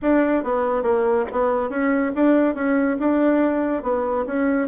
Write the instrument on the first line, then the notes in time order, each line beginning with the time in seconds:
bassoon
0.02 D4
0.43 B3
0.82 A#3
1.32 B3
1.69 C#4
2.15 D4
2.54 C#4
2.99 D4
3.82 B3
4.26 C#4